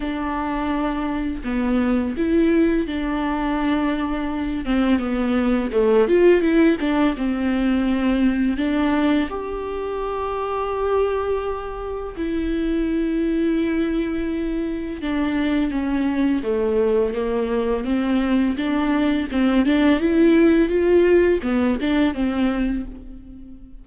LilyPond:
\new Staff \with { instrumentName = "viola" } { \time 4/4 \tempo 4 = 84 d'2 b4 e'4 | d'2~ d'8 c'8 b4 | a8 f'8 e'8 d'8 c'2 | d'4 g'2.~ |
g'4 e'2.~ | e'4 d'4 cis'4 a4 | ais4 c'4 d'4 c'8 d'8 | e'4 f'4 b8 d'8 c'4 | }